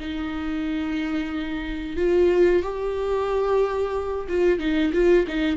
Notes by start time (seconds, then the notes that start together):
0.00 D#4
1.97 F4
2.63 G4
4.29 F4
4.59 D#4
4.93 F4
5.27 D#4